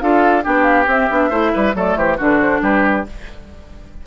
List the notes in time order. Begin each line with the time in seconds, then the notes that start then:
0.00 D4 F4 A4 F5
0.43 B3 D4 G4 G5
0.63 F5
0.87 C4 E5
1.11 B3 D4
1.30 A3 E4 C5
1.54 G3 B4
1.75 F#3 A3 A4 D5
1.96 E3 G4 C5
2.18 D3 D4 F#4 B4
2.41 C5
2.62 G3 G4 B4